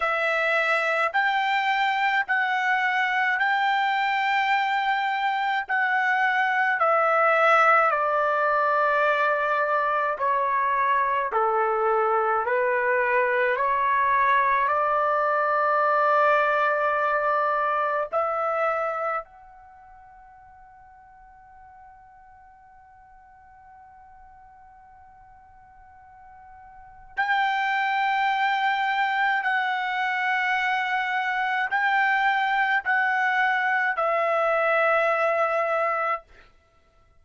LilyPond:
\new Staff \with { instrumentName = "trumpet" } { \time 4/4 \tempo 4 = 53 e''4 g''4 fis''4 g''4~ | g''4 fis''4 e''4 d''4~ | d''4 cis''4 a'4 b'4 | cis''4 d''2. |
e''4 fis''2.~ | fis''1 | g''2 fis''2 | g''4 fis''4 e''2 | }